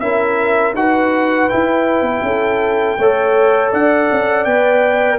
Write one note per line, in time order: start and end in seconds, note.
0.00 0.74 C#4
0.00 0.75 E4
0.00 0.77 A#4
0.00 0.74 E5
0.74 1.48 D#4
0.74 1.51 F#4
0.74 2.26 B4
0.74 1.49 F#5
1.49 2.99 E4
1.49 2.02 E4
1.49 3.72 G5
2.02 2.21 B3
2.23 2.97 C#4
2.23 2.99 A4
2.98 3.72 A3
2.98 4.48 A4
2.98 3.72 C#5
3.72 4.10 D4
3.72 5.20 D5
3.72 4.45 F#5
4.12 4.46 C#4
4.45 5.20 B3
4.45 5.20 B4
4.45 5.19 G5